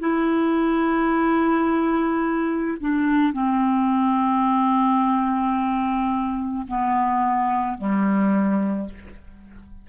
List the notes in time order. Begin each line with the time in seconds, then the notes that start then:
0.00 E4
2.80 D4
3.33 C4
6.68 B3
7.78 G3